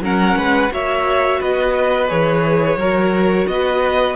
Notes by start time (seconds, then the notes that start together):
0.00 F#3 C#4 A#4 F#5
0.36 G#3 B4
0.69 A#3 F#4 C#5 E5
1.40 B3 B4 D#5
2.08 E3 G#4 C#5
2.76 F#3 F#4 A#4
3.47 B3 B4 D#5